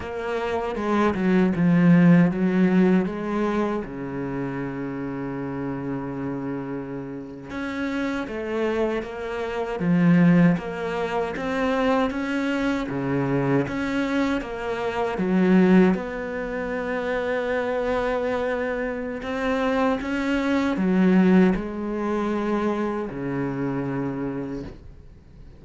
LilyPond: \new Staff \with { instrumentName = "cello" } { \time 4/4 \tempo 4 = 78 ais4 gis8 fis8 f4 fis4 | gis4 cis2.~ | cis4.~ cis16 cis'4 a4 ais16~ | ais8. f4 ais4 c'4 cis'16~ |
cis'8. cis4 cis'4 ais4 fis16~ | fis8. b2.~ b16~ | b4 c'4 cis'4 fis4 | gis2 cis2 | }